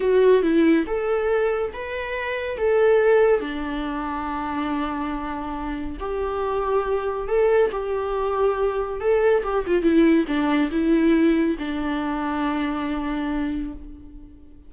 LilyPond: \new Staff \with { instrumentName = "viola" } { \time 4/4 \tempo 4 = 140 fis'4 e'4 a'2 | b'2 a'2 | d'1~ | d'2 g'2~ |
g'4 a'4 g'2~ | g'4 a'4 g'8 f'8 e'4 | d'4 e'2 d'4~ | d'1 | }